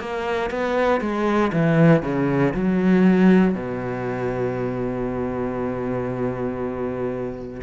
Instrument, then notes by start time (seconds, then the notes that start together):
cello
0.00 A#3
0.50 B3
1.01 G#3
1.53 E3
2.03 C#3
2.54 F#3
3.55 B2